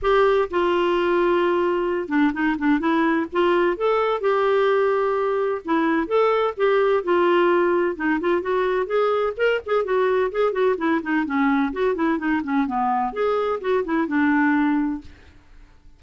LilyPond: \new Staff \with { instrumentName = "clarinet" } { \time 4/4 \tempo 4 = 128 g'4 f'2.~ | f'8 d'8 dis'8 d'8 e'4 f'4 | a'4 g'2. | e'4 a'4 g'4 f'4~ |
f'4 dis'8 f'8 fis'4 gis'4 | ais'8 gis'8 fis'4 gis'8 fis'8 e'8 dis'8 | cis'4 fis'8 e'8 dis'8 cis'8 b4 | gis'4 fis'8 e'8 d'2 | }